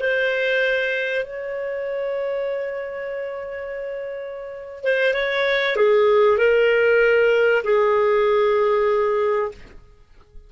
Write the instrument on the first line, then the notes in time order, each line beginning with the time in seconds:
clarinet
0.00 C5
1.25 C#5
4.84 C5
5.14 C#5
5.77 G#4
6.38 A#4
7.64 G#4